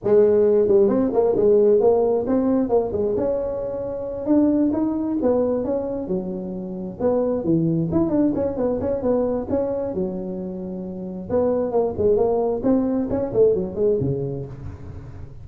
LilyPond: \new Staff \with { instrumentName = "tuba" } { \time 4/4 \tempo 4 = 133 gis4. g8 c'8 ais8 gis4 | ais4 c'4 ais8 gis8 cis'4~ | cis'4. d'4 dis'4 b8~ | b8 cis'4 fis2 b8~ |
b8 e4 e'8 d'8 cis'8 b8 cis'8 | b4 cis'4 fis2~ | fis4 b4 ais8 gis8 ais4 | c'4 cis'8 a8 fis8 gis8 cis4 | }